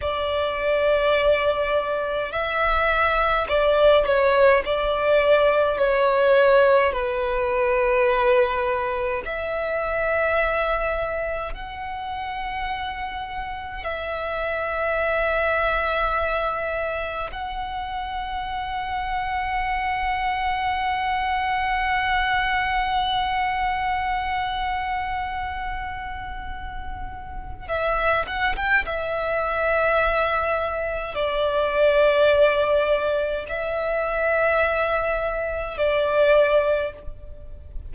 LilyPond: \new Staff \with { instrumentName = "violin" } { \time 4/4 \tempo 4 = 52 d''2 e''4 d''8 cis''8 | d''4 cis''4 b'2 | e''2 fis''2 | e''2. fis''4~ |
fis''1~ | fis''1 | e''8 fis''16 g''16 e''2 d''4~ | d''4 e''2 d''4 | }